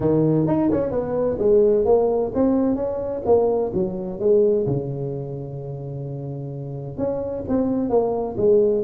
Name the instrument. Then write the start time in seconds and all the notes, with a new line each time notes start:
tuba
0.00 D#3
0.47 D#4
0.71 C#4
0.91 B3
1.38 G#3
1.85 A#3
2.34 C4
2.75 C#4
3.25 A#3
3.74 F#3
4.19 G#3
4.66 C#3
6.97 C#4
7.48 C4
7.89 A#3
8.37 G#3